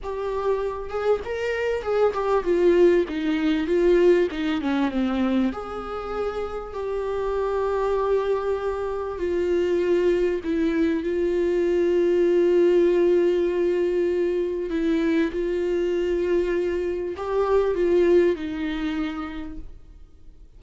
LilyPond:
\new Staff \with { instrumentName = "viola" } { \time 4/4 \tempo 4 = 98 g'4. gis'8 ais'4 gis'8 g'8 | f'4 dis'4 f'4 dis'8 cis'8 | c'4 gis'2 g'4~ | g'2. f'4~ |
f'4 e'4 f'2~ | f'1 | e'4 f'2. | g'4 f'4 dis'2 | }